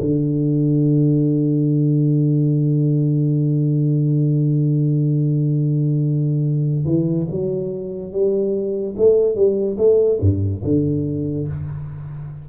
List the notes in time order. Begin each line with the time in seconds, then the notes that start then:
0.00 D3
6.85 E3
7.31 F#3
8.12 G3
8.97 A3
9.35 G3
9.78 A3
10.21 G2
10.64 D3